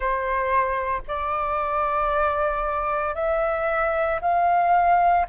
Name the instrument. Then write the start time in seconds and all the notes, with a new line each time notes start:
flute
0.00 C5
1.07 D5
3.14 E5
4.21 F5